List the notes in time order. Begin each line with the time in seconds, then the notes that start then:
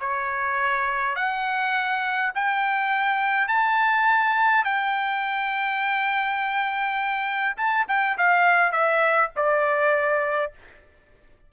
0.00 C#5
1.15 F#5
2.35 G5
3.48 A5
4.64 G5
7.57 A5
7.88 G5
8.17 F5
8.72 E5
9.36 D5